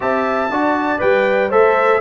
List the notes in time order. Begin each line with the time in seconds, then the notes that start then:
0.00 C4 G4 E5 A5
0.49 D4 F#4 D5
0.98 G3 B4 G5
1.49 A3 A4 C5 E5